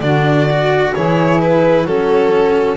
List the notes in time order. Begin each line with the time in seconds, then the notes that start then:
0.00 D3 D4 F#4 D5
0.50 F#4
0.94 E3 E4 G#4 C#5
1.42 B4
1.84 F#3 C#4 F#4 A4